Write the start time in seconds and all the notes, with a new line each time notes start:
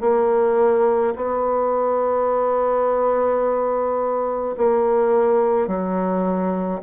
0.00 A#3
1.15 B3
4.57 A#3
5.67 F#3